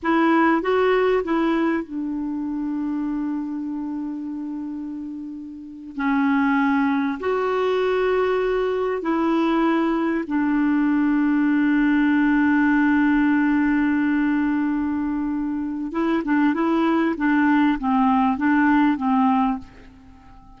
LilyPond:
\new Staff \with { instrumentName = "clarinet" } { \time 4/4 \tempo 4 = 98 e'4 fis'4 e'4 d'4~ | d'1~ | d'4.~ d'16 cis'2 fis'16~ | fis'2~ fis'8. e'4~ e'16~ |
e'8. d'2.~ d'16~ | d'1~ | d'2 e'8 d'8 e'4 | d'4 c'4 d'4 c'4 | }